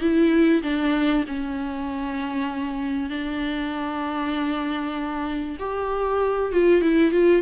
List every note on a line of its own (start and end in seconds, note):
0.00 0.62 E4
0.62 1.24 D4
1.27 3.10 C#4
3.10 5.57 D4
5.59 6.52 G4
6.52 6.81 F4
6.81 7.11 E4
7.11 7.42 F4